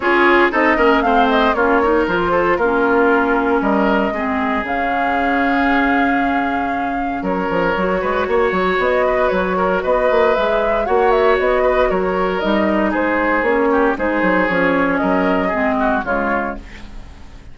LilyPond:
<<
  \new Staff \with { instrumentName = "flute" } { \time 4/4 \tempo 4 = 116 cis''4 dis''4 f''8 dis''8 cis''4 | c''4 ais'2 dis''4~ | dis''4 f''2.~ | f''2 cis''2~ |
cis''4 dis''4 cis''4 dis''4 | e''4 fis''8 e''8 dis''4 cis''4 | dis''4 c''4 cis''4 c''4 | cis''4 dis''2 cis''4 | }
  \new Staff \with { instrumentName = "oboe" } { \time 4/4 gis'4 a'8 ais'8 c''4 f'8 ais'8~ | ais'8 a'8 f'2 ais'4 | gis'1~ | gis'2 ais'4. b'8 |
cis''4. b'4 ais'8 b'4~ | b'4 cis''4. b'8 ais'4~ | ais'4 gis'4. g'8 gis'4~ | gis'4 ais'4 gis'8 fis'8 f'4 | }
  \new Staff \with { instrumentName = "clarinet" } { \time 4/4 f'4 dis'8 cis'8 c'4 cis'8 dis'8 | f'4 cis'2. | c'4 cis'2.~ | cis'2. fis'4~ |
fis'1 | gis'4 fis'2. | dis'2 cis'4 dis'4 | cis'2 c'4 gis4 | }
  \new Staff \with { instrumentName = "bassoon" } { \time 4/4 cis'4 c'8 ais8 a4 ais4 | f4 ais2 g4 | gis4 cis2.~ | cis2 fis8 f8 fis8 gis8 |
ais8 fis8 b4 fis4 b8 ais8 | gis4 ais4 b4 fis4 | g4 gis4 ais4 gis8 fis8 | f4 fis4 gis4 cis4 | }
>>